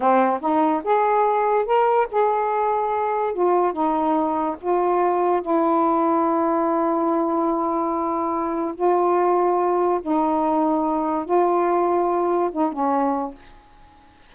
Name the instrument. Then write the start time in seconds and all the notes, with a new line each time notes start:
saxophone
0.00 C4
0.41 D#4
0.84 G#4
1.65 A#4
2.11 G#4
3.33 F4
3.72 D#4
4.61 F4
5.41 E4
8.75 F4
10.02 D#4
11.25 F4
12.51 D#4
12.72 C#4